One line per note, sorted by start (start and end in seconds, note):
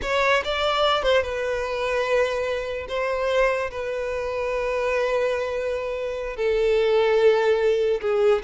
0.02 0.43 C#5
0.44 1.02 D5
1.02 1.22 C5
1.22 2.86 B4
2.88 3.70 C5
3.71 6.36 B4
6.36 8.00 A4
8.01 8.42 G#4